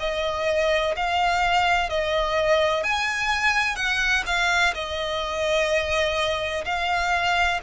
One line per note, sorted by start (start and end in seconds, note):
0.00 0.95 D#5
0.97 1.89 F5
1.89 2.84 D#5
2.84 3.76 G#5
3.76 4.23 F#5
4.26 4.74 F5
4.74 6.65 D#5
6.65 7.60 F5